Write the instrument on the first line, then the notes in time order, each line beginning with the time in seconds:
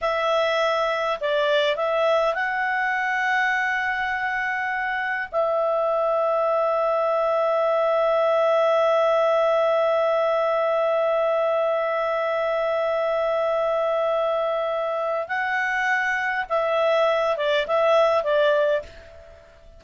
clarinet
0.01 E5
1.20 D5
1.76 E5
2.34 F#5
5.31 E5
15.28 F#5
16.49 E5
17.36 D5
17.67 E5
18.23 D5